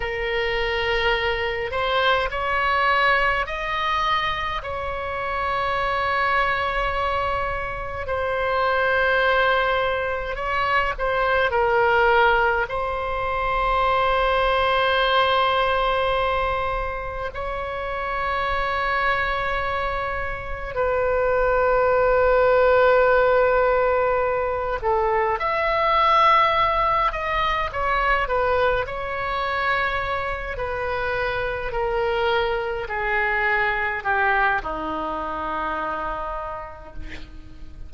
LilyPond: \new Staff \with { instrumentName = "oboe" } { \time 4/4 \tempo 4 = 52 ais'4. c''8 cis''4 dis''4 | cis''2. c''4~ | c''4 cis''8 c''8 ais'4 c''4~ | c''2. cis''4~ |
cis''2 b'2~ | b'4. a'8 e''4. dis''8 | cis''8 b'8 cis''4. b'4 ais'8~ | ais'8 gis'4 g'8 dis'2 | }